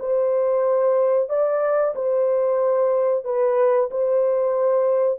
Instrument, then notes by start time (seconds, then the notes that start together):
horn
0.00 C5
1.30 D5
1.96 C5
3.25 B4
3.91 C5